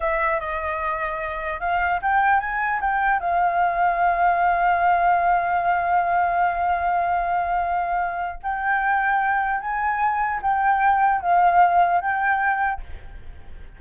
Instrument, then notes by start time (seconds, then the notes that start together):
flute
0.00 E5
0.39 D#5
1.60 F5
2.02 G5
2.40 G#5
2.81 G5
3.19 F5
8.43 G5
9.60 G#5
10.41 G5
11.21 F5
12.01 G5